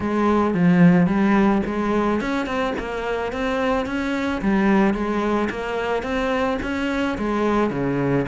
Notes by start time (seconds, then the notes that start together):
0.00 G#3
0.54 F3
1.06 G3
1.65 G#3
2.20 C#4
2.46 C4
2.78 A#3
3.32 C4
3.86 C#4
4.41 G3
4.93 G#3
5.50 A#3
6.03 C4
6.62 C#4
7.18 G#3
7.70 C#3